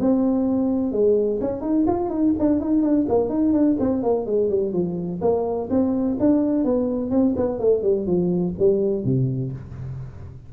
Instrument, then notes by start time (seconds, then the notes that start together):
tuba
0.00 C4
0.92 G#3
1.41 C#4
1.61 D#4
1.87 F4
2.10 D#4
2.39 D4
2.61 D#4
2.82 D4
3.09 A#3
3.29 D#4
3.53 D4
3.80 C4
4.03 A#3
4.26 G#3
4.50 G3
4.73 F3
5.21 A#3
5.70 C4
6.20 D4
6.65 B3
7.10 C4
7.36 B3
7.59 A3
7.82 G3
8.06 F3
8.59 G3
9.04 C3